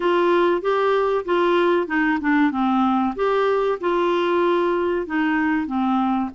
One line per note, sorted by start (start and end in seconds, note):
0.00 0.61 F4
0.61 1.24 G4
1.25 1.87 F4
1.87 2.18 D#4
2.20 2.51 D4
2.51 3.14 C4
3.16 3.79 G4
3.80 5.06 F4
5.06 5.66 D#4
5.66 6.30 C4